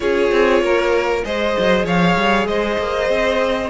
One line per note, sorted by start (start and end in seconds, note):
0.00 0.31 C#4
0.00 1.23 F4
0.00 0.62 G#4
0.00 1.23 C#5
0.31 0.61 C4
0.61 1.23 A#3
0.61 1.24 A#4
1.24 1.56 G#3
1.24 3.70 G#4
1.24 1.85 C5
1.24 1.86 D#5
1.59 1.84 F#3
1.84 2.15 F3
1.84 2.47 C#5
1.84 2.47 F5
2.16 2.46 G3
2.46 2.77 G#3
2.46 3.70 C5
2.46 3.70 D#5
2.78 3.09 A#3
3.09 3.70 C4